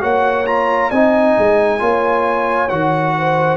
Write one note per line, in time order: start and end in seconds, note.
0.00 0.91 A#3
0.00 0.45 F#4
0.00 0.90 C#5
0.00 0.46 F#5
0.46 0.91 F4
0.46 0.90 A#5
0.90 1.36 C4
0.90 1.79 D#4
0.90 1.79 D#5
0.90 2.69 G#5
1.38 1.80 G#3
1.79 2.70 A#3
1.79 2.68 F4
1.79 3.15 C#5
2.69 3.56 D#3
2.69 3.56 F#4
2.69 3.56 F#5
3.17 3.56 C5